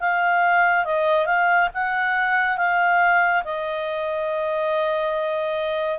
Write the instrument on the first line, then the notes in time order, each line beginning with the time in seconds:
clarinet
0.00 F5
0.85 D#5
1.26 F5
1.74 F#5
2.58 F5
3.44 D#5